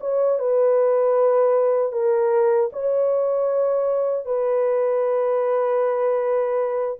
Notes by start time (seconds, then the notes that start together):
0.00 C#5
0.39 B4
1.92 A#4
2.72 C#5
4.25 B4